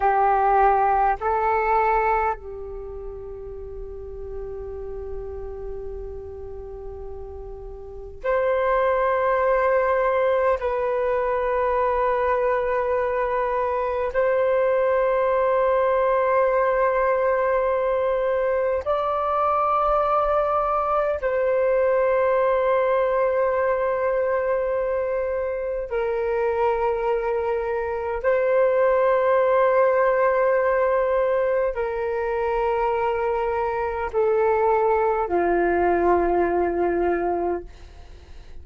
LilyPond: \new Staff \with { instrumentName = "flute" } { \time 4/4 \tempo 4 = 51 g'4 a'4 g'2~ | g'2. c''4~ | c''4 b'2. | c''1 |
d''2 c''2~ | c''2 ais'2 | c''2. ais'4~ | ais'4 a'4 f'2 | }